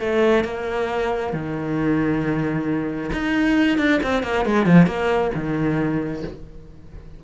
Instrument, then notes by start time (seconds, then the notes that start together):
cello
0.00 A3
0.44 A#3
1.33 D#3
3.13 D#4
3.78 D4
4.03 C4
4.23 A#3
4.45 G#3
4.66 F3
4.87 A#3
5.35 D#3